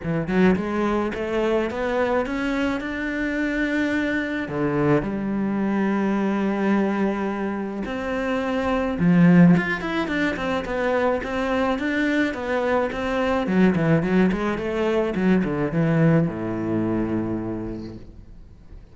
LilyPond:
\new Staff \with { instrumentName = "cello" } { \time 4/4 \tempo 4 = 107 e8 fis8 gis4 a4 b4 | cis'4 d'2. | d4 g2.~ | g2 c'2 |
f4 f'8 e'8 d'8 c'8 b4 | c'4 d'4 b4 c'4 | fis8 e8 fis8 gis8 a4 fis8 d8 | e4 a,2. | }